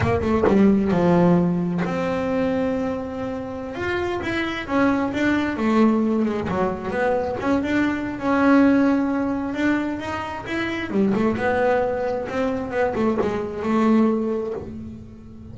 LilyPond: \new Staff \with { instrumentName = "double bass" } { \time 4/4 \tempo 4 = 132 ais8 a8 g4 f2 | c'1~ | c'16 f'4 e'4 cis'4 d'8.~ | d'16 a4. gis8 fis4 b8.~ |
b16 cis'8 d'4~ d'16 cis'2~ | cis'4 d'4 dis'4 e'4 | g8 a8 b2 c'4 | b8 a8 gis4 a2 | }